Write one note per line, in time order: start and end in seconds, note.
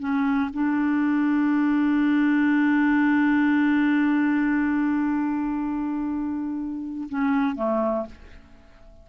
0.00 0.50 C#4
0.54 7.09 D4
7.10 7.56 C#4
7.56 8.07 A3